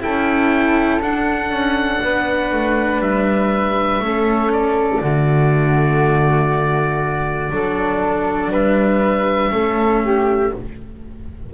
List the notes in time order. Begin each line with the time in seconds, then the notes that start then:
0.00 C#4 E4 A4 G5
1.01 D4 F#5
1.49 C#4
2.02 B3 B4
2.52 A3
2.99 G3 E5
3.99 A3 C#4 A4
4.52 D5
5.00 D3 A3 F#4
7.50 F#3 D4 A4
8.51 G3 B4 E5
9.50 A3 C#4 A4
10.03 G4